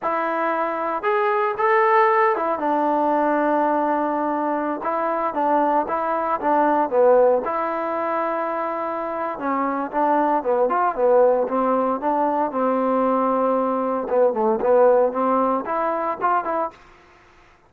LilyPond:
\new Staff \with { instrumentName = "trombone" } { \time 4/4 \tempo 4 = 115 e'2 gis'4 a'4~ | a'8 e'8 d'2.~ | d'4~ d'16 e'4 d'4 e'8.~ | e'16 d'4 b4 e'4.~ e'16~ |
e'2 cis'4 d'4 | b8 f'8 b4 c'4 d'4 | c'2. b8 a8 | b4 c'4 e'4 f'8 e'8 | }